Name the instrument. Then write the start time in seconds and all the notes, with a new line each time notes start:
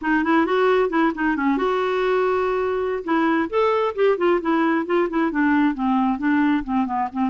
clarinet
0.01 D#4
0.23 E4
0.46 F#4
0.89 E4
1.14 D#4
1.36 C#4
1.57 F#4
3.04 E4
3.49 A4
3.95 G4
4.17 F4
4.41 E4
4.86 F4
5.09 E4
5.31 D4
5.74 C4
6.18 D4
6.63 C4
6.86 B3
7.12 C4